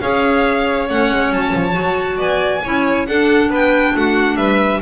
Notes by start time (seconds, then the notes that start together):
0.00 C#4 G#4 C#5 F5
0.89 A3 C#4 F#5
1.10 G#3
1.31 F#3 A5
1.54 F3
1.72 F#3 F#4
2.17 B3 D5 G#5
2.63 C#4 E4 C#5
3.06 D4 A4 F#5
3.49 B3 B4 G5
3.95 A3 F#4 F#5
4.36 G3 B4 E5